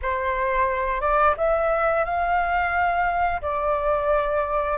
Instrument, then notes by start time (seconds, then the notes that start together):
flute
0.02 C5
1.00 D5
1.37 E5
2.04 F5
3.41 D5